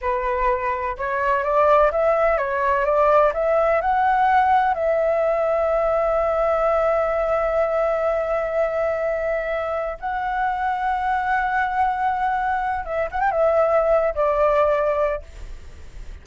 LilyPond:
\new Staff \with { instrumentName = "flute" } { \time 4/4 \tempo 4 = 126 b'2 cis''4 d''4 | e''4 cis''4 d''4 e''4 | fis''2 e''2~ | e''1~ |
e''1~ | e''4 fis''2.~ | fis''2. e''8 fis''16 g''16 | e''4.~ e''16 d''2~ d''16 | }